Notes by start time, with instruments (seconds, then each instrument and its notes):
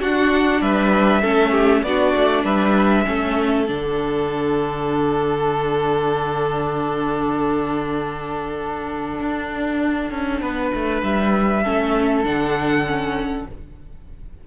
0.00 viola D4, cello D4, violin F#4 F#5
0.61 cello G3, violin B4 E5
1.21 cello A3, viola C#4, violin A4
1.51 violin G4
1.82 cello B3, viola D4, violin F#4 D5
2.15 cello A3
2.44 cello G3, violin B4 E5
3.04 cello A3, viola C#4, violin A4
3.67 cello D3, viola D4, violin F#5
9.20 cello D4
10.10 cello C#4
10.41 cello B3, violin B4
10.74 cello A3
11.02 cello G3, violin E5
11.63 cello A3, viola C#4, violin A4
12.23 cello D3, viola D4, violin F#5
12.86 viola C#4